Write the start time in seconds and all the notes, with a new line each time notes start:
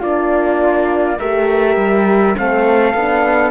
0.00 A#3 D4 F4 D5
1.19 A3 G4 A#4 E5
1.77 G3
2.36 A3 C4 A4 F5
2.94 B3 D4